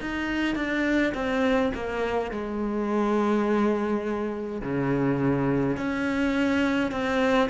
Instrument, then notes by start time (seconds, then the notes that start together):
cello
0.00 D#4
0.55 D4
1.14 C4
1.74 A#3
2.31 G#3
4.61 C#3
5.76 C#4
6.91 C4